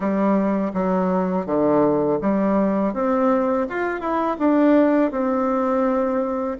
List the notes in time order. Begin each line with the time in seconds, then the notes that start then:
0.00 G3
0.73 F#3
1.46 D3
2.21 G3
2.93 C4
3.69 F4
4.00 E4
4.39 D4
5.11 C4